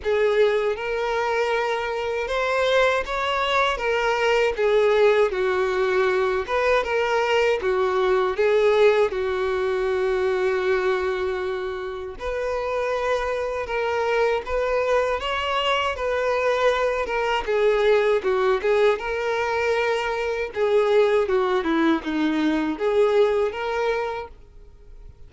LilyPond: \new Staff \with { instrumentName = "violin" } { \time 4/4 \tempo 4 = 79 gis'4 ais'2 c''4 | cis''4 ais'4 gis'4 fis'4~ | fis'8 b'8 ais'4 fis'4 gis'4 | fis'1 |
b'2 ais'4 b'4 | cis''4 b'4. ais'8 gis'4 | fis'8 gis'8 ais'2 gis'4 | fis'8 e'8 dis'4 gis'4 ais'4 | }